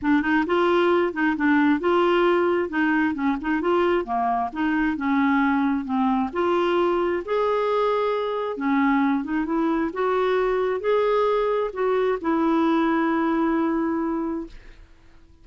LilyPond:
\new Staff \with { instrumentName = "clarinet" } { \time 4/4 \tempo 4 = 133 d'8 dis'8 f'4. dis'8 d'4 | f'2 dis'4 cis'8 dis'8 | f'4 ais4 dis'4 cis'4~ | cis'4 c'4 f'2 |
gis'2. cis'4~ | cis'8 dis'8 e'4 fis'2 | gis'2 fis'4 e'4~ | e'1 | }